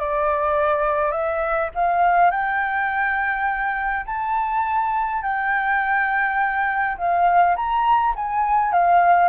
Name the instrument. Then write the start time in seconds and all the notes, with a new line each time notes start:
flute
0.00 D5
1.12 E5
1.75 F5
2.31 G5
4.06 A5
5.23 G5
6.98 F5
7.56 A#5
8.16 G#5
8.73 F5